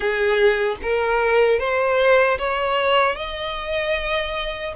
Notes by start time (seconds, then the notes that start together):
0.00 G#4
0.82 A#4
1.59 C5
2.38 C#5
3.15 D#5